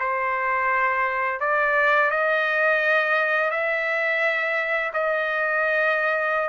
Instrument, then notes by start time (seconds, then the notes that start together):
trumpet
0.00 C5
1.41 D5
2.11 D#5
3.51 E5
4.94 D#5